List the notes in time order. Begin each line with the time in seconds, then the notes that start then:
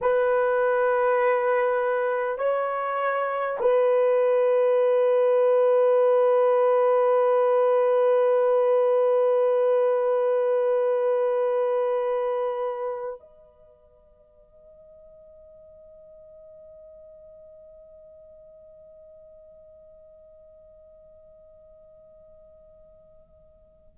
0.01 B4
2.38 C#5
3.60 B4
13.20 D#5